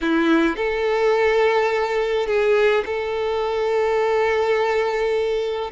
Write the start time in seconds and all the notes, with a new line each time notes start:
0.01 E4
0.56 A4
2.26 G#4
2.85 A4